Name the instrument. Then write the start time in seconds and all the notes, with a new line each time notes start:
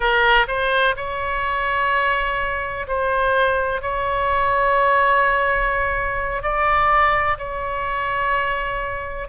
oboe
0.00 A#4
0.47 C5
0.96 C#5
2.87 C5
3.81 C#5
6.42 D5
7.38 C#5